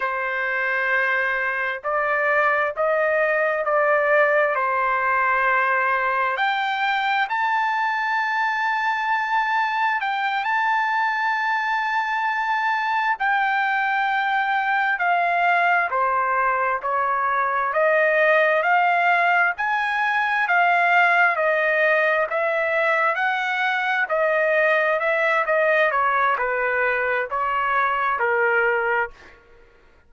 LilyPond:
\new Staff \with { instrumentName = "trumpet" } { \time 4/4 \tempo 4 = 66 c''2 d''4 dis''4 | d''4 c''2 g''4 | a''2. g''8 a''8~ | a''2~ a''8 g''4.~ |
g''8 f''4 c''4 cis''4 dis''8~ | dis''8 f''4 gis''4 f''4 dis''8~ | dis''8 e''4 fis''4 dis''4 e''8 | dis''8 cis''8 b'4 cis''4 ais'4 | }